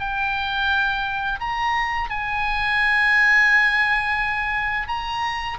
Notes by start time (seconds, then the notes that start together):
0.00 G5
1.40 A#5
2.10 G#5
4.88 A#5